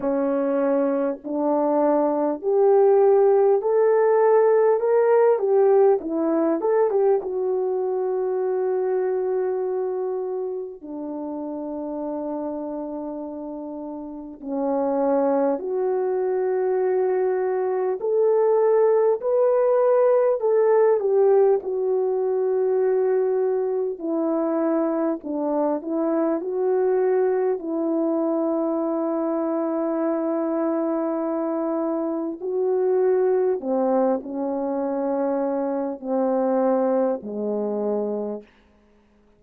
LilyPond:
\new Staff \with { instrumentName = "horn" } { \time 4/4 \tempo 4 = 50 cis'4 d'4 g'4 a'4 | ais'8 g'8 e'8 a'16 g'16 fis'2~ | fis'4 d'2. | cis'4 fis'2 a'4 |
b'4 a'8 g'8 fis'2 | e'4 d'8 e'8 fis'4 e'4~ | e'2. fis'4 | c'8 cis'4. c'4 gis4 | }